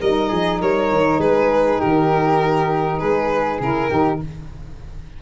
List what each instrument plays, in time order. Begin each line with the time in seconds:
0.00 tuba G3, saxophone D#4, flute A#4, violin D#5
0.28 tuba F3, flute G#4
0.60 tuba G3, flute A#4, violin C#5
0.91 tuba D#3
1.18 tuba G#3, flute G#4, violin B4
1.79 tuba D#3, flute G4, violin A#4
2.98 tuba G#3, flute G#4, violin B4
3.59 tuba C#3, saxophone E4, violin A#4
3.89 tuba D#3, saxophone D#4, flute G4